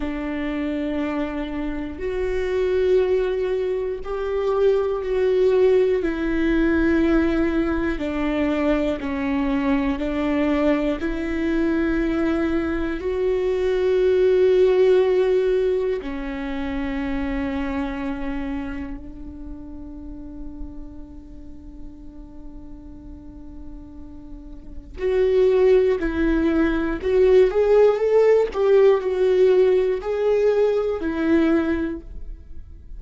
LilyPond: \new Staff \with { instrumentName = "viola" } { \time 4/4 \tempo 4 = 60 d'2 fis'2 | g'4 fis'4 e'2 | d'4 cis'4 d'4 e'4~ | e'4 fis'2. |
cis'2. d'4~ | d'1~ | d'4 fis'4 e'4 fis'8 gis'8 | a'8 g'8 fis'4 gis'4 e'4 | }